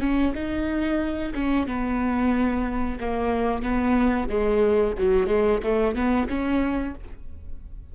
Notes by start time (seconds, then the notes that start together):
0.00 C#4
0.34 D#4
1.34 C#4
1.67 B3
3.00 A#3
3.62 B3
4.29 G#3
4.98 F#3
5.27 G#3
5.63 A3
5.95 B3
6.28 C#4